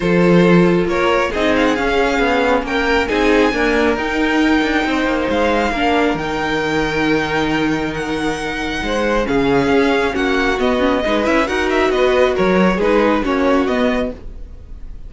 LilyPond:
<<
  \new Staff \with { instrumentName = "violin" } { \time 4/4 \tempo 4 = 136 c''2 cis''4 dis''8 f''16 fis''16 | f''2 g''4 gis''4~ | gis''4 g''2. | f''2 g''2~ |
g''2 fis''2~ | fis''4 f''2 fis''4 | dis''4. e''8 fis''8 e''8 dis''4 | cis''4 b'4 cis''4 dis''4 | }
  \new Staff \with { instrumentName = "violin" } { \time 4/4 a'2 ais'4 gis'4~ | gis'2 ais'4 gis'4 | ais'2. c''4~ | c''4 ais'2.~ |
ais'1 | c''4 gis'2 fis'4~ | fis'4 b'4 ais'4 b'4 | ais'4 gis'4 fis'2 | }
  \new Staff \with { instrumentName = "viola" } { \time 4/4 f'2. dis'4 | cis'2. dis'4 | ais4 dis'2.~ | dis'4 d'4 dis'2~ |
dis'1~ | dis'4 cis'2. | b8 cis'8 dis'8 e'8 fis'2~ | fis'4 dis'4 cis'4 b4 | }
  \new Staff \with { instrumentName = "cello" } { \time 4/4 f2 ais4 c'4 | cis'4 b4 ais4 c'4 | d'4 dis'4. d'8 c'8 ais8 | gis4 ais4 dis2~ |
dis1 | gis4 cis4 cis'4 ais4 | b4 gis8 cis'8 dis'4 b4 | fis4 gis4 ais4 b4 | }
>>